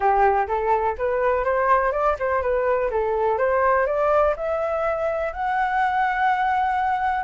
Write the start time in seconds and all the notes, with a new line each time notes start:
0.00 G4
0.47 A4
0.97 B4
1.44 C5
1.92 D5
2.19 C5
2.42 B4
2.90 A4
3.38 C5
3.86 D5
4.36 E5
5.32 F#5